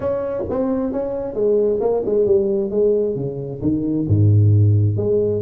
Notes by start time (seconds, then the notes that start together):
0.00 C#4
0.49 C4
0.92 C#4
1.34 G#3
1.80 A#3
2.05 G#3
2.26 G3
2.70 G#3
3.15 C#3
3.61 D#3
4.07 G#2
4.96 G#3